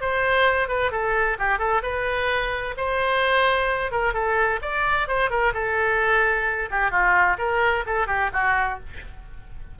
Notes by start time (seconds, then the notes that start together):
0.00 C5
0.68 B4
0.91 A4
1.38 G4
1.58 A4
1.82 B4
2.76 C5
3.91 A#4
4.13 A4
4.61 D5
5.07 C5
5.30 A#4
5.53 A4
6.70 G4
6.90 F4
7.38 A#4
7.86 A4
8.07 G4
8.33 F#4